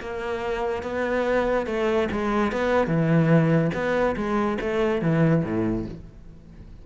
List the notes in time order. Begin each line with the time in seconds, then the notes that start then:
0.00 A#3
0.83 B3
1.66 A3
2.11 G#3
2.52 B3
2.87 E3
3.74 B3
4.16 G#3
4.61 A3
5.01 E3
5.44 A2